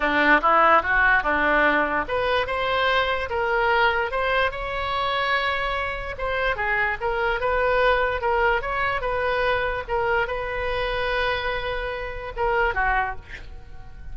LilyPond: \new Staff \with { instrumentName = "oboe" } { \time 4/4 \tempo 4 = 146 d'4 e'4 fis'4 d'4~ | d'4 b'4 c''2 | ais'2 c''4 cis''4~ | cis''2. c''4 |
gis'4 ais'4 b'2 | ais'4 cis''4 b'2 | ais'4 b'2.~ | b'2 ais'4 fis'4 | }